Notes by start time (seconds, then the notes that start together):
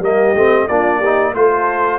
0.00 G3 A#3 G4 D#5
0.35 A3 C4
0.68 A#3 D4 F4 D5
0.99 G4
1.05 D#4
1.35 A3 F4 A4 C5